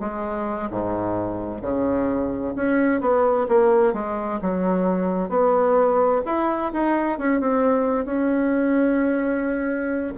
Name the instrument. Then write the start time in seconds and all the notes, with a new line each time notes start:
bassoon
0.00 G#3
0.70 G#2
1.62 C#3
2.56 C#4
3.01 B3
3.48 A#3
3.94 G#3
4.42 F#3
5.29 B3
6.26 E4
6.73 D#4
7.18 C#4
7.41 C4
8.06 C#4